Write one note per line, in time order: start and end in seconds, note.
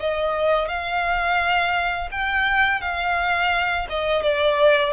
0.00 0.69 D#5
0.69 2.10 F5
2.11 2.81 G5
2.81 3.87 F5
3.90 4.23 D#5
4.23 4.93 D5